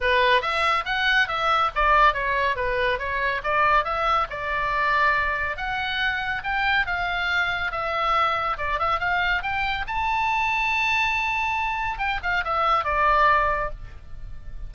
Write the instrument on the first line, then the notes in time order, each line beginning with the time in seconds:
oboe
0.00 B4
0.41 E5
0.85 F#5
1.28 E5
1.75 D5
2.13 C#5
2.56 B4
2.98 C#5
3.43 D5
3.84 E5
4.30 D5
5.56 F#5
6.43 G5
6.86 F5
7.71 E5
8.57 D5
8.79 E5
8.99 F5
9.42 G5
9.87 A5
11.98 G5
12.22 F5
12.44 E5
12.84 D5